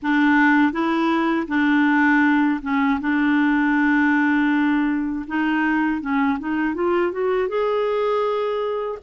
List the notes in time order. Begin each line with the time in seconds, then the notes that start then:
0.02 D4
0.72 E4
1.47 D4
2.62 C#4
3.00 D4
5.27 D#4
6.01 C#4
6.39 D#4
6.74 F4
7.11 F#4
7.48 G#4